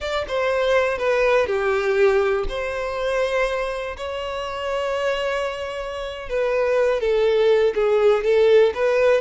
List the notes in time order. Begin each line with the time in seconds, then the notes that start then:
0.00 D5
0.27 C5
0.97 B4
1.46 G4
2.48 C5
3.97 C#5
6.29 B4
7.00 A4
7.74 G#4
8.24 A4
8.74 B4